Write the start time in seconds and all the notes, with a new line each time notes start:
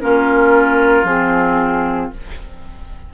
0.00 A#3 C#4 F4 A#4
1.03 F3 C4 G#4